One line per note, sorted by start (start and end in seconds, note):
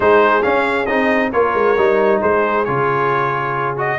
0.00 0.44 G#3
0.00 0.42 D#4
0.00 1.31 G#4
0.00 0.43 C5
0.42 0.86 C#4
0.42 0.88 C#4
0.42 0.85 F5
0.85 1.32 C4
0.85 1.33 D#4
0.85 1.30 D#5
1.32 1.54 A#3
1.32 1.77 F4
1.32 2.20 A#4
1.32 2.21 C#5
1.54 1.76 G#3
1.77 2.21 G3
1.77 2.66 D#4
2.20 2.68 G#3
2.20 3.98 G#4
2.20 2.64 C5
2.64 3.99 C#3
2.64 3.76 F4
2.64 3.75 C#5
3.76 3.99 F#4
3.76 3.99 D#5